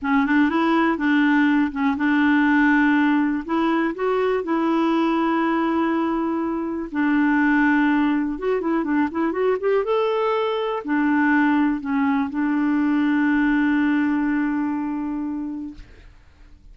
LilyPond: \new Staff \with { instrumentName = "clarinet" } { \time 4/4 \tempo 4 = 122 cis'8 d'8 e'4 d'4. cis'8 | d'2. e'4 | fis'4 e'2.~ | e'2 d'2~ |
d'4 fis'8 e'8 d'8 e'8 fis'8 g'8 | a'2 d'2 | cis'4 d'2.~ | d'1 | }